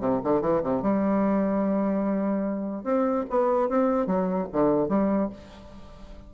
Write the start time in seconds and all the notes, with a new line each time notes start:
0.00 C3
0.24 D3
0.41 E3
0.63 C3
0.82 G3
2.84 C4
3.30 B3
3.69 C4
4.06 F#3
4.53 D3
4.88 G3